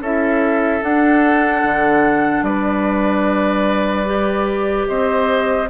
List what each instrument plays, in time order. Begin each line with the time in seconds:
0.00 bassoon C#4, clarinet E4, oboe A4, flute E5
0.82 clarinet D4, bassoon D4, flute F#5
1.64 bassoon D3
2.42 bassoon G3, oboe B4, flute D5
4.06 clarinet G4
4.88 bassoon C4, oboe C5, flute D#5